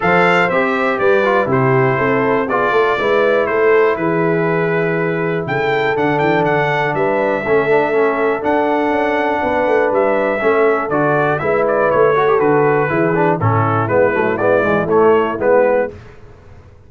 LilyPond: <<
  \new Staff \with { instrumentName = "trumpet" } { \time 4/4 \tempo 4 = 121 f''4 e''4 d''4 c''4~ | c''4 d''2 c''4 | b'2. g''4 | fis''8 g''8 fis''4 e''2~ |
e''4 fis''2. | e''2 d''4 e''8 d''8 | cis''4 b'2 a'4 | b'4 d''4 cis''4 b'4 | }
  \new Staff \with { instrumentName = "horn" } { \time 4/4 c''2 b'4 g'4 | a'4 gis'8 a'8 b'4 a'4 | gis'2. a'4~ | a'2 b'4 a'4~ |
a'2. b'4~ | b'4 a'2 b'4~ | b'8 a'4. gis'4 e'4~ | e'1 | }
  \new Staff \with { instrumentName = "trombone" } { \time 4/4 a'4 g'4. f'8 e'4~ | e'4 f'4 e'2~ | e'1 | d'2. cis'8 d'8 |
cis'4 d'2.~ | d'4 cis'4 fis'4 e'4~ | e'8 fis'16 g'16 fis'4 e'8 d'8 cis'4 | b8 a8 b8 gis8 a4 b4 | }
  \new Staff \with { instrumentName = "tuba" } { \time 4/4 f4 c'4 g4 c4 | c'4 b8 a8 gis4 a4 | e2. cis4 | d8 e8 d4 g4 a4~ |
a4 d'4 cis'4 b8 a8 | g4 a4 d4 gis4 | a4 d4 e4 a,4 | gis8 fis8 gis8 e8 a4 gis4 | }
>>